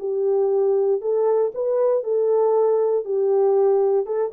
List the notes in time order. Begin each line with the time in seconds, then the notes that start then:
0.00 G4
1.01 A4
1.54 B4
2.04 A4
3.05 G4
4.06 A4